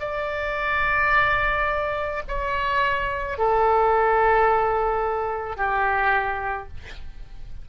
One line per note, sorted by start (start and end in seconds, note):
0.00 2.22 D5
2.28 3.38 C#5
3.38 5.57 A4
5.57 6.68 G4